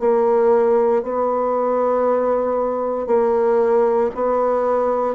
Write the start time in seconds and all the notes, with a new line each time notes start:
0.00 A#3
1.03 B3
3.07 A#3
4.15 B3